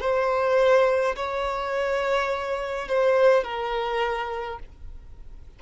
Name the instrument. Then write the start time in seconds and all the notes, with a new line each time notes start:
violin
0.00 C5
1.15 C#5
2.88 C5
3.44 A#4